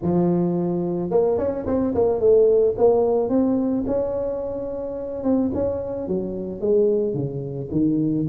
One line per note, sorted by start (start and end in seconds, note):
0.02 1.10 F3
1.10 1.38 A#3
1.38 1.65 C#4
1.66 1.94 C4
1.94 2.19 A#3
2.19 2.74 A3
2.77 3.29 A#3
3.29 3.84 C4
3.86 5.23 C#4
5.23 5.51 C4
5.54 6.07 C#4
6.07 6.61 F#3
6.61 7.14 G#3
7.14 7.69 C#3
7.71 8.26 D#3